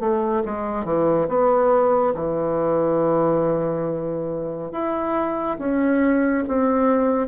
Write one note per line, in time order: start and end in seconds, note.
0.00 0.43 A3
0.45 0.85 G#3
0.85 1.27 E3
1.28 2.14 B3
2.15 4.72 E3
4.72 5.58 E4
5.59 6.44 C#4
6.48 7.27 C4